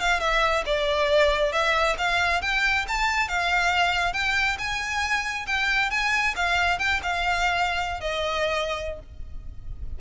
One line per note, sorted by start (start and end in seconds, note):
0.00 0.20 F5
0.20 0.64 E5
0.65 1.52 D5
1.52 1.96 E5
1.98 2.42 F5
2.42 2.85 G5
2.88 3.28 A5
3.28 4.13 F5
4.13 4.57 G5
4.58 5.46 G#5
5.47 5.90 G5
5.90 6.34 G#5
6.36 6.79 F5
6.79 7.01 G5
7.03 8.00 F5
8.00 8.99 D#5